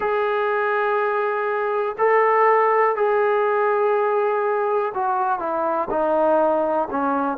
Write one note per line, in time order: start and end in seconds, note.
0.00 1.96 G#4
1.98 2.96 A4
2.96 4.92 G#4
4.94 5.39 F#4
5.39 5.88 E4
5.90 6.88 D#4
6.91 7.37 C#4